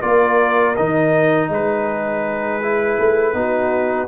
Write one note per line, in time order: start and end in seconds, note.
0.00 0.76 A#3
0.00 0.74 F4
0.00 1.49 A#4
0.00 0.75 D5
0.76 1.49 D#3
0.76 2.61 D#4
0.76 1.50 D#5
1.49 2.97 G#3
1.49 3.36 G#4
1.49 4.08 B4
2.61 3.33 E4
2.98 3.33 A3
3.33 4.07 B3
3.33 4.07 D#4
3.33 4.08 F#4